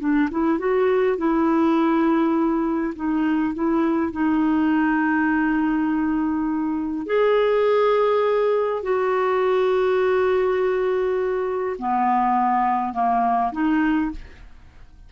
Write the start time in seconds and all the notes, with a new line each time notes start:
0.00 D4
0.31 E4
0.59 F#4
1.18 E4
2.95 D#4
3.55 E4
4.13 D#4
7.06 G#4
8.83 F#4
11.79 B3
12.93 A#3
13.53 D#4